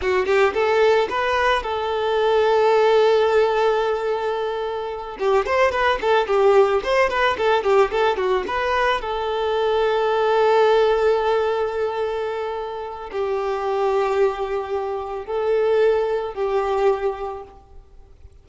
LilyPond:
\new Staff \with { instrumentName = "violin" } { \time 4/4 \tempo 4 = 110 fis'8 g'8 a'4 b'4 a'4~ | a'1~ | a'4. g'8 c''8 b'8 a'8 g'8~ | g'8 c''8 b'8 a'8 g'8 a'8 fis'8 b'8~ |
b'8 a'2.~ a'8~ | a'1 | g'1 | a'2 g'2 | }